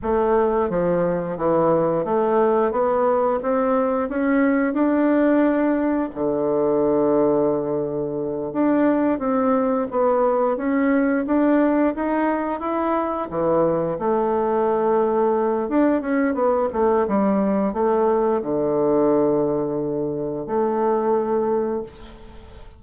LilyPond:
\new Staff \with { instrumentName = "bassoon" } { \time 4/4 \tempo 4 = 88 a4 f4 e4 a4 | b4 c'4 cis'4 d'4~ | d'4 d2.~ | d8 d'4 c'4 b4 cis'8~ |
cis'8 d'4 dis'4 e'4 e8~ | e8 a2~ a8 d'8 cis'8 | b8 a8 g4 a4 d4~ | d2 a2 | }